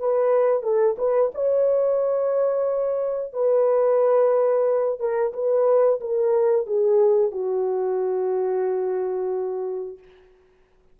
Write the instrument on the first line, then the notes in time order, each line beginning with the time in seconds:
horn
0.00 B4
0.63 A4
0.98 B4
1.35 C#5
3.33 B4
5.00 A#4
5.34 B4
6.01 A#4
6.67 G#4
7.32 F#4